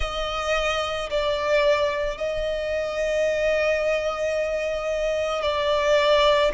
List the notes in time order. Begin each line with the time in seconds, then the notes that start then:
0.00 D#5
1.10 D5
2.17 D#5
5.42 D5